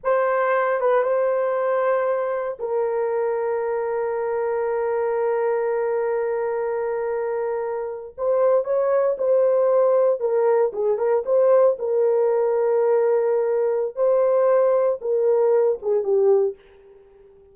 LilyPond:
\new Staff \with { instrumentName = "horn" } { \time 4/4 \tempo 4 = 116 c''4. b'8 c''2~ | c''4 ais'2.~ | ais'1~ | ais'2.~ ais'8. c''16~ |
c''8. cis''4 c''2 ais'16~ | ais'8. gis'8 ais'8 c''4 ais'4~ ais'16~ | ais'2. c''4~ | c''4 ais'4. gis'8 g'4 | }